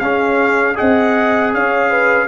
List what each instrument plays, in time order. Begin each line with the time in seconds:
0.00 tuba C#4, trombone C#4, horn G#4, trumpet F5
0.75 trombone G#4, horn D#5, trumpet F#5
0.81 tuba C4
1.54 tuba C#4, horn C#5, trumpet F5
1.90 horn B4